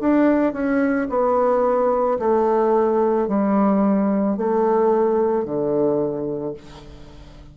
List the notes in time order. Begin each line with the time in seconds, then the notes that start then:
0.00 D4
0.53 C#4
1.09 B3
2.19 A3
3.28 G3
4.36 A3
5.44 D3